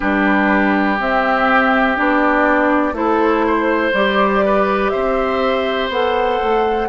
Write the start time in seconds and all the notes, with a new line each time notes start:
0.00 G3 D4 G4 B4
0.99 C4 E5
1.95 B3 D4 D5
2.92 A3 E4 A4 C5
3.47 C5
3.93 G3 G4 D5
4.45 B4
4.89 C4 C5 E5
5.89 B3 A4 F#5
6.42 A3